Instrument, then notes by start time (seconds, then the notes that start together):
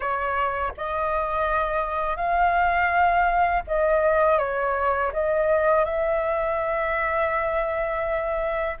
flute
0.00 C#5
0.77 D#5
2.16 F5
3.67 D#5
4.38 C#5
5.12 D#5
5.84 E5